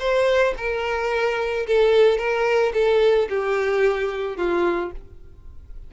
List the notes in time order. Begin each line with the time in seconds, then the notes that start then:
0.00 C5
0.58 A#4
1.68 A4
2.18 A#4
2.74 A4
3.30 G4
4.38 F4